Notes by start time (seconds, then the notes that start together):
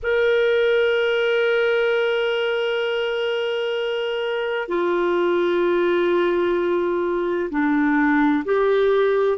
0.03 A#4
4.68 F4
7.50 D4
8.45 G4